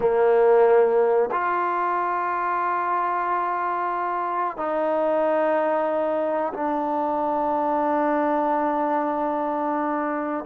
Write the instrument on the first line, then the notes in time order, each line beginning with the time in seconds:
trombone
0.00 A#3
1.31 F4
4.57 D#4
6.53 D4